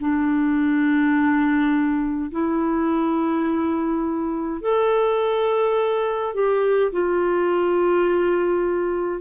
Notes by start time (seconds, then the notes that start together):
0.00 D4
2.31 E4
4.62 A4
6.34 G4
6.92 F4